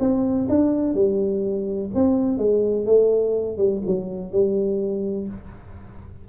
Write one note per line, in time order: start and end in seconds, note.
0.00 0.48 C4
0.49 0.94 D4
0.94 1.90 G3
1.95 2.38 C4
2.38 2.86 G#3
2.86 3.57 A3
3.57 3.81 G3
3.86 4.32 F#3
4.32 5.28 G3